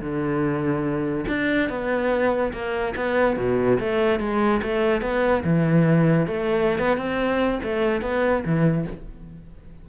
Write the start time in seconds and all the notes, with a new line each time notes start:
0.00 D3
1.28 D4
1.69 B3
2.53 A#3
2.96 B3
3.37 B2
3.80 A3
4.20 G#3
4.62 A3
5.01 B3
5.44 E3
6.26 A3
6.78 B3
6.97 C4
7.63 A3
8.02 B3
8.45 E3